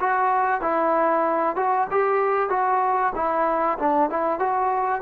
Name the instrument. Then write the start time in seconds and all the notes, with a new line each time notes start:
trombone
0.00 F#4
0.61 E4
1.56 F#4
1.91 G4
2.50 F#4
3.15 E4
3.79 D4
4.10 E4
4.39 F#4